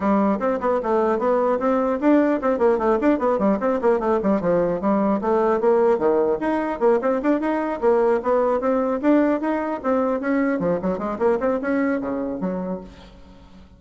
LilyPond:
\new Staff \with { instrumentName = "bassoon" } { \time 4/4 \tempo 4 = 150 g4 c'8 b8 a4 b4 | c'4 d'4 c'8 ais8 a8 d'8 | b8 g8 c'8 ais8 a8 g8 f4 | g4 a4 ais4 dis4 |
dis'4 ais8 c'8 d'8 dis'4 ais8~ | ais8 b4 c'4 d'4 dis'8~ | dis'8 c'4 cis'4 f8 fis8 gis8 | ais8 c'8 cis'4 cis4 fis4 | }